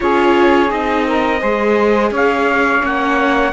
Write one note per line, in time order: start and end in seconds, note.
0.00 0.71 C#4
0.00 0.68 F4
0.00 1.06 G#4
0.00 0.71 C#5
0.68 1.41 C4
0.68 1.39 D#4
0.68 2.12 D#5
1.06 1.40 A#4
1.40 2.10 G#3
1.40 2.80 G#4
1.40 2.10 C5
2.10 2.81 C#4
2.10 3.52 C#5
2.10 2.85 F5
2.80 3.52 A#3
2.80 3.50 C#4
2.80 3.52 F#5